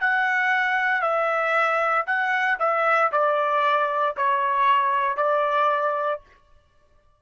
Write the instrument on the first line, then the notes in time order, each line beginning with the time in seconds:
trumpet
0.00 F#5
1.02 E5
2.06 F#5
2.59 E5
3.12 D5
4.17 C#5
5.17 D5